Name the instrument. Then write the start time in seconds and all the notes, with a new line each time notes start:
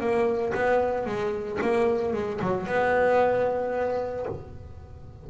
double bass
0.00 A#3
0.54 B3
1.06 G#3
1.61 A#3
2.14 G#3
2.42 F#3
2.67 B3